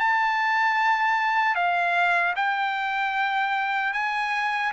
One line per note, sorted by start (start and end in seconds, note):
0.00 1.55 A5
1.55 2.34 F5
2.36 3.93 G5
3.93 4.72 G#5